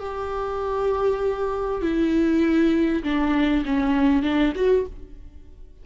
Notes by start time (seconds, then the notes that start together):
0.00 G4
1.82 E4
3.04 D4
3.66 C#4
4.23 D4
4.56 F#4